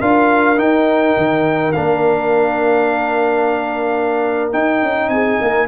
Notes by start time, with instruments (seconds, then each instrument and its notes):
0.00 tuba D4, trombone F4, horn A#4, trumpet F5
0.57 trombone D#4, tuba D#4, trumpet G5
1.17 tuba D#3
1.72 tuba A#3, trombone D4, trumpet F5
4.53 trombone D#4, tuba D#4, trumpet G5
4.83 tuba C#4
5.09 tuba C4, horn G#4, trumpet G#5
5.42 tuba A#3, horn A#4